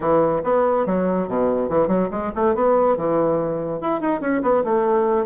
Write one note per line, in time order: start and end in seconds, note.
0.00 0.42 E3
0.43 0.85 B3
0.85 1.28 F#3
1.28 1.69 B2
1.69 1.87 E3
1.87 2.08 F#3
2.10 2.31 G#3
2.35 2.55 A3
2.55 2.96 B3
2.96 3.80 E3
3.80 4.00 E4
4.00 4.20 D#4
4.20 4.42 C#4
4.42 4.63 B3
4.64 5.26 A3